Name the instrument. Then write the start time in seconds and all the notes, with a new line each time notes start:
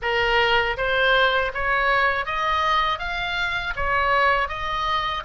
oboe
0.01 A#4
0.77 C5
1.54 C#5
2.25 D#5
2.98 F5
3.75 C#5
4.48 D#5